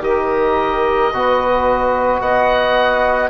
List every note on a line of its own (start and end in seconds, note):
0.00 1.09 D#3
0.00 1.10 G4
0.00 1.13 A#4
0.00 2.21 D#5
1.11 2.20 B2
1.11 3.30 F#4
1.11 2.21 B4
2.20 3.29 B3
2.20 3.30 D#5
2.20 3.30 F#5